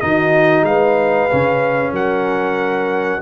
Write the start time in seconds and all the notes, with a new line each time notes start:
0.00 D#3 D#4 F#4 D#5
0.61 G#3 B4 F5
1.30 C#3 C#4
1.91 F#3 A#4 F#5